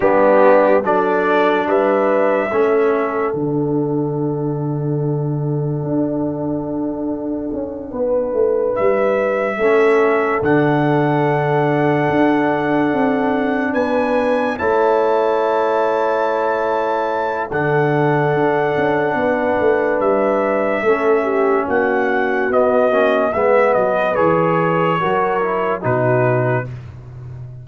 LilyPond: <<
  \new Staff \with { instrumentName = "trumpet" } { \time 4/4 \tempo 4 = 72 g'4 d''4 e''2 | fis''1~ | fis''2~ fis''8 e''4.~ | e''8 fis''2.~ fis''8~ |
fis''8 gis''4 a''2~ a''8~ | a''4 fis''2. | e''2 fis''4 dis''4 | e''8 dis''8 cis''2 b'4 | }
  \new Staff \with { instrumentName = "horn" } { \time 4/4 d'4 a'4 b'4 a'4~ | a'1~ | a'4. b'2 a'8~ | a'1~ |
a'8 b'4 cis''2~ cis''8~ | cis''4 a'2 b'4~ | b'4 a'8 g'8 fis'2 | b'2 ais'4 fis'4 | }
  \new Staff \with { instrumentName = "trombone" } { \time 4/4 b4 d'2 cis'4 | d'1~ | d'2.~ d'8 cis'8~ | cis'8 d'2.~ d'8~ |
d'4. e'2~ e'8~ | e'4 d'2.~ | d'4 cis'2 b8 cis'8 | b4 gis'4 fis'8 e'8 dis'4 | }
  \new Staff \with { instrumentName = "tuba" } { \time 4/4 g4 fis4 g4 a4 | d2. d'4~ | d'4 cis'8 b8 a8 g4 a8~ | a8 d2 d'4 c'8~ |
c'8 b4 a2~ a8~ | a4 d4 d'8 cis'8 b8 a8 | g4 a4 ais4 b8 ais8 | gis8 fis8 e4 fis4 b,4 | }
>>